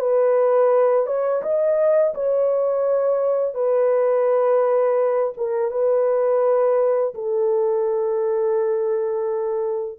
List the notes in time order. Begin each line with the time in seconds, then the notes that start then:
0.00 B4
1.06 C#5
1.43 D#5
2.14 C#5
3.55 B4
5.37 A#4
5.71 B4
7.15 A4